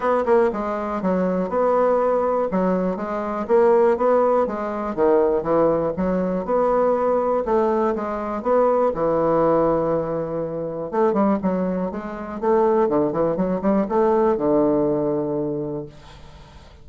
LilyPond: \new Staff \with { instrumentName = "bassoon" } { \time 4/4 \tempo 4 = 121 b8 ais8 gis4 fis4 b4~ | b4 fis4 gis4 ais4 | b4 gis4 dis4 e4 | fis4 b2 a4 |
gis4 b4 e2~ | e2 a8 g8 fis4 | gis4 a4 d8 e8 fis8 g8 | a4 d2. | }